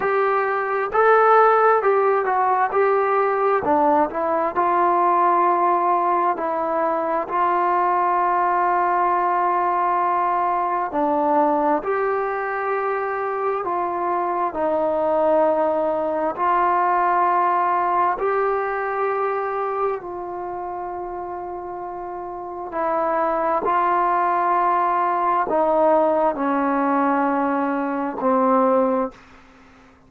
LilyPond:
\new Staff \with { instrumentName = "trombone" } { \time 4/4 \tempo 4 = 66 g'4 a'4 g'8 fis'8 g'4 | d'8 e'8 f'2 e'4 | f'1 | d'4 g'2 f'4 |
dis'2 f'2 | g'2 f'2~ | f'4 e'4 f'2 | dis'4 cis'2 c'4 | }